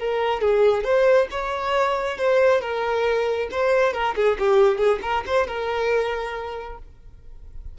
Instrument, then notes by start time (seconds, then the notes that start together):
violin
0.00 A#4
0.42 G#4
0.84 C5
1.31 C#5
2.18 C5
2.62 A#4
3.52 C5
3.93 A#4
4.16 G#4
4.39 G4
4.78 G#4
5.02 A#4
5.27 C5
5.47 A#4